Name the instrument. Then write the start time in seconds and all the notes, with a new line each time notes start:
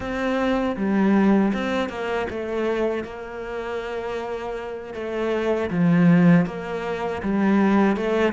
cello
0.00 C4
0.76 G3
1.53 C4
1.89 A#3
2.30 A3
3.04 A#3
4.94 A3
5.70 F3
6.46 A#3
7.22 G3
7.96 A3